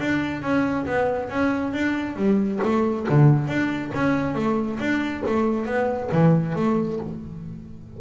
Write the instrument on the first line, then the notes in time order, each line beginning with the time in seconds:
double bass
0.00 D4
0.42 C#4
0.86 B3
1.30 C#4
1.74 D4
2.16 G3
2.63 A3
3.10 D3
3.48 D4
3.95 C#4
4.35 A3
4.80 D4
5.27 A3
5.66 B3
6.12 E3
6.56 A3